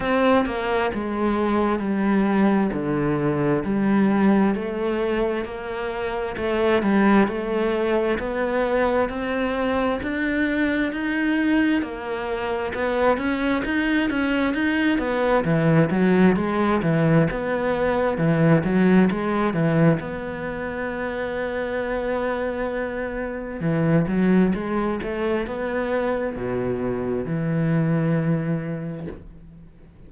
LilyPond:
\new Staff \with { instrumentName = "cello" } { \time 4/4 \tempo 4 = 66 c'8 ais8 gis4 g4 d4 | g4 a4 ais4 a8 g8 | a4 b4 c'4 d'4 | dis'4 ais4 b8 cis'8 dis'8 cis'8 |
dis'8 b8 e8 fis8 gis8 e8 b4 | e8 fis8 gis8 e8 b2~ | b2 e8 fis8 gis8 a8 | b4 b,4 e2 | }